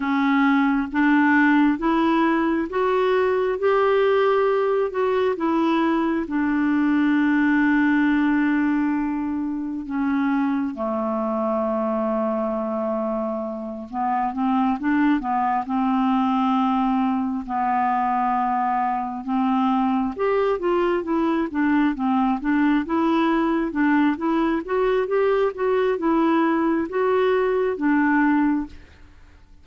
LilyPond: \new Staff \with { instrumentName = "clarinet" } { \time 4/4 \tempo 4 = 67 cis'4 d'4 e'4 fis'4 | g'4. fis'8 e'4 d'4~ | d'2. cis'4 | a2.~ a8 b8 |
c'8 d'8 b8 c'2 b8~ | b4. c'4 g'8 f'8 e'8 | d'8 c'8 d'8 e'4 d'8 e'8 fis'8 | g'8 fis'8 e'4 fis'4 d'4 | }